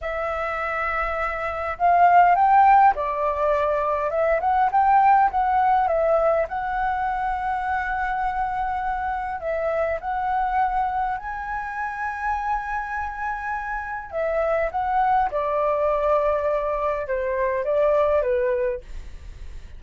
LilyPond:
\new Staff \with { instrumentName = "flute" } { \time 4/4 \tempo 4 = 102 e''2. f''4 | g''4 d''2 e''8 fis''8 | g''4 fis''4 e''4 fis''4~ | fis''1 |
e''4 fis''2 gis''4~ | gis''1 | e''4 fis''4 d''2~ | d''4 c''4 d''4 b'4 | }